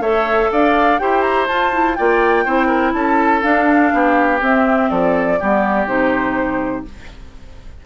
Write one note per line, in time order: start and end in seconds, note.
0.00 0.49 A3
0.00 0.99 A4
0.00 0.51 C#5
0.00 0.51 E5
0.53 1.02 D4
0.53 1.01 D5
0.53 0.99 F5
0.99 1.50 E4
0.99 1.48 G4
0.99 1.98 C5
0.99 1.22 G5
1.22 1.46 A#5
1.48 1.73 F4
1.48 1.98 F4
1.48 1.95 A5
1.73 1.97 E4
1.95 2.46 A#3
1.95 2.46 F4
1.95 2.45 D5
1.95 2.93 G5
2.45 2.94 C4
2.45 3.43 E4
2.45 2.67 C5
2.67 2.92 A#4
2.94 3.43 C#4
2.94 3.94 A4
2.94 3.43 A5
3.43 4.40 D4
3.43 3.93 D4
3.43 4.40 F5
3.94 4.42 B3
3.94 4.91 G4
4.42 4.90 C4
4.42 5.39 C4
4.42 4.90 E5
4.90 5.40 F3
4.90 5.40 A4
4.90 5.88 D5
5.40 5.87 G3
5.40 5.88 B3
5.40 6.86 G4
5.87 6.85 C3
5.87 6.85 D#4
5.87 6.86 C5